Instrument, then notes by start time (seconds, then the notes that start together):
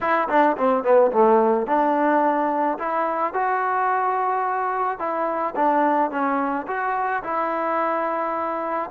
trombone
0.00 E4
0.28 D4
0.57 C4
0.83 B3
1.11 A3
1.66 D4
2.78 E4
3.33 F#4
4.98 E4
5.55 D4
6.10 C#4
6.67 F#4
7.23 E4